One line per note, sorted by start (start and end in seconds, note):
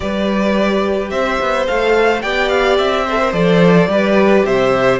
0.00 1.11 G3
0.00 1.66 G4
0.00 1.11 B4
0.00 1.09 D5
1.09 1.39 C4
1.09 2.22 C5
1.09 1.65 E5
1.40 1.67 B3
1.66 2.23 A3
1.66 2.22 A4
1.66 2.21 F5
2.21 2.78 B3
2.21 3.06 G4
2.21 3.05 D5
2.21 2.48 G5
2.48 2.76 F5
2.77 3.32 C4
2.77 3.32 E5
3.05 3.20 A4
3.05 3.88 C5
3.20 3.33 A#4
3.32 3.87 F3
3.32 3.88 A4
3.32 4.44 D5
3.87 4.43 G3
3.87 4.99 G4
3.87 4.45 B4
4.45 4.99 C3
4.45 4.99 C5
4.45 4.99 E5